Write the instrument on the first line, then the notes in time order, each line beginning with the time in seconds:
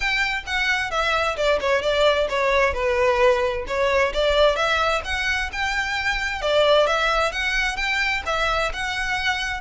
violin
0.00 G5
0.46 F#5
0.90 E5
1.36 D5
1.60 C#5
1.82 D5
2.29 C#5
2.73 B4
3.67 C#5
4.13 D5
4.56 E5
5.04 F#5
5.52 G5
6.41 D5
6.86 E5
7.32 F#5
7.76 G5
8.26 E5
8.73 F#5